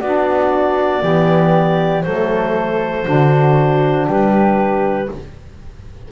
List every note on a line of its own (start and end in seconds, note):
0.00 1.02 B3
0.00 1.01 D4
0.00 1.02 F#4
0.00 2.02 D5
1.01 2.04 E3
1.01 2.03 B3
1.01 2.04 G4
2.02 3.06 F#3
2.02 3.04 A3
2.02 3.06 A4
2.02 4.06 C5
3.04 4.07 D3
3.04 5.08 D4
3.04 4.07 F#4
4.07 5.08 G3
4.07 5.09 G4
4.07 5.11 B4